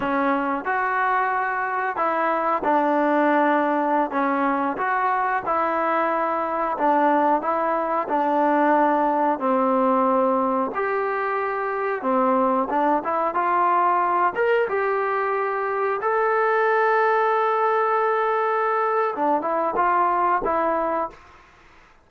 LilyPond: \new Staff \with { instrumentName = "trombone" } { \time 4/4 \tempo 4 = 91 cis'4 fis'2 e'4 | d'2~ d'16 cis'4 fis'8.~ | fis'16 e'2 d'4 e'8.~ | e'16 d'2 c'4.~ c'16~ |
c'16 g'2 c'4 d'8 e'16~ | e'16 f'4. ais'8 g'4.~ g'16~ | g'16 a'2.~ a'8.~ | a'4 d'8 e'8 f'4 e'4 | }